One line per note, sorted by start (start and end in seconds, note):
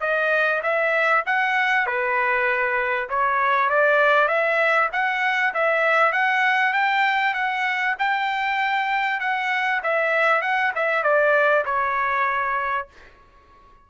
0.00 0.61 D#5
0.63 1.24 E5
1.26 1.86 F#5
1.86 3.09 B4
3.09 3.70 C#5
3.70 4.28 D5
4.28 4.89 E5
4.92 5.54 F#5
5.54 6.12 E5
6.12 6.73 F#5
6.73 7.34 G5
7.34 7.95 F#5
7.99 9.20 G5
9.20 9.81 F#5
9.83 10.41 E5
10.41 10.72 F#5
10.75 11.03 E5
11.03 11.64 D5
11.65 12.87 C#5